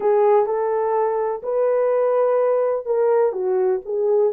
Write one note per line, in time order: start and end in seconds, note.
0.00 0.46 G#4
0.46 1.42 A4
1.43 2.85 B4
2.85 3.32 A#4
3.32 3.80 F#4
3.85 4.33 G#4